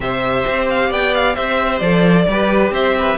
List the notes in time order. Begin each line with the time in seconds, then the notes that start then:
0.00 C3 G4 C5 E5
0.46 C4
0.69 F5
0.89 B3 D5 G5
1.14 F5
1.34 C4 C5 E5
1.78 F3 A4 D5
2.27 G3 G4 B4
2.71 C4 C5 E5
2.98 B4